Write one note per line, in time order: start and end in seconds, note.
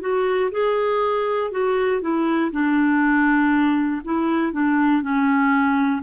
0.00 0.50 F#4
0.51 1.51 G#4
1.51 2.01 F#4
2.01 2.51 E4
2.52 4.02 D4
4.04 4.52 E4
4.52 5.02 D4
5.02 6.02 C#4